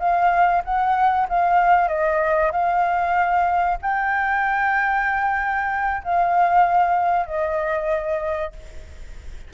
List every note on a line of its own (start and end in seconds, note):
0.00 0.63 F5
0.65 1.28 F#5
1.30 1.89 F5
1.89 2.52 D#5
2.52 3.79 F5
3.82 6.03 G5
6.04 7.27 F5
7.27 8.53 D#5